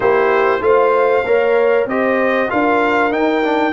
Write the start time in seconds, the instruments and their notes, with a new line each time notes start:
0.00 tuba A#3, trombone E4, horn G4, trumpet C5
0.60 tuba A3, trombone F4, horn C5, trumpet F5
1.25 tuba A#3, trombone A#4, horn C#5
1.85 tuba C4, trombone G4, horn C5, trumpet D#5
2.49 tuba D4, trombone F4, horn A#4, trumpet F5
3.11 trombone D#4, tuba D#4, trumpet G5
3.43 trombone D4